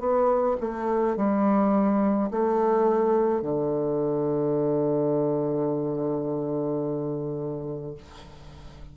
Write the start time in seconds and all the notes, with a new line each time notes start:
0.00 B3
0.61 A3
1.17 G3
2.31 A3
3.42 D3